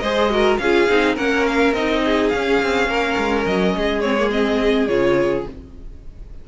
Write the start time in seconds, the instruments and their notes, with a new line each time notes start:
0.00 cello G#3, viola G#4, violin C5 D#5
0.30 viola F#4, violin A#4
0.59 cello C#4, viola F4, violin G#4 F5
0.89 cello C4, viola D#4
1.15 cello A#3, viola C#4, violin A#4 F#5
1.48 violin F5
1.73 cello C4, viola D#4, violin D#5
2.05 violin G#4
2.30 viola C#4, cello C#4, violin F5
2.63 cello C4
2.87 cello A#3, violin A#4
3.18 cello G#3
3.46 cello F#3, violin D#5
3.76 cello G#3, violin G#4
4.01 viola C4, violin C#5
4.19 viola A#3
4.31 viola C4, violin D#5
4.87 cello C#3, viola F4, violin C#5